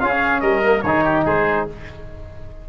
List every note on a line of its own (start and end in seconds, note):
0.00 0.42 C#4
0.00 0.11 F4
0.00 0.42 G#4
0.00 0.40 F5
0.11 0.63 C#4
0.40 0.83 G3
0.40 0.83 A#4
0.40 0.81 D#5
0.63 0.84 A#3
0.81 1.25 D#3
0.81 1.69 D#4
0.81 1.04 G#4
0.81 1.23 C#5
1.04 1.25 G4
1.25 1.66 G#3
1.25 1.66 G#4
1.25 1.69 C5